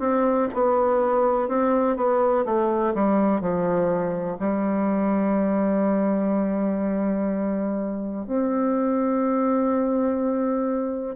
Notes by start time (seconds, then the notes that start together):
0.00 C4
0.55 B3
1.49 C4
1.97 B3
2.46 A3
2.95 G3
3.41 F3
4.39 G3
8.27 C4